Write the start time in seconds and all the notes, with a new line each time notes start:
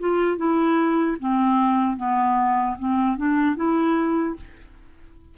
0.00 F4
0.37 E4
1.20 C4
1.97 B3
2.79 C4
3.17 D4
3.56 E4